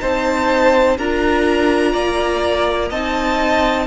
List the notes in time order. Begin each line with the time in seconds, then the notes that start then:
0.00 C4 D#4 C5 A5
0.98 D4 F4 A#4 A#5
1.92 A#3 D5
2.89 C4 D#4 D#5 A5